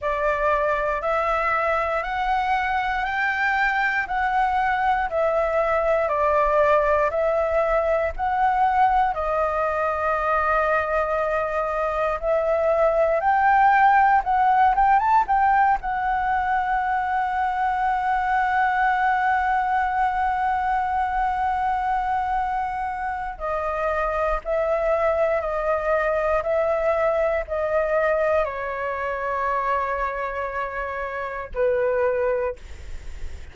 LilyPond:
\new Staff \with { instrumentName = "flute" } { \time 4/4 \tempo 4 = 59 d''4 e''4 fis''4 g''4 | fis''4 e''4 d''4 e''4 | fis''4 dis''2. | e''4 g''4 fis''8 g''16 a''16 g''8 fis''8~ |
fis''1~ | fis''2. dis''4 | e''4 dis''4 e''4 dis''4 | cis''2. b'4 | }